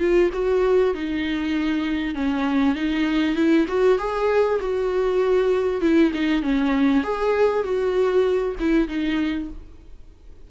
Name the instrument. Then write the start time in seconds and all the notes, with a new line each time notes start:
viola
0.00 F4
0.34 F#4
0.95 D#4
2.15 C#4
2.76 D#4
3.36 E4
3.68 F#4
3.99 G#4
4.61 F#4
5.82 E4
6.14 D#4
6.43 C#4
7.04 G#4
7.64 F#4
8.60 E4
8.88 D#4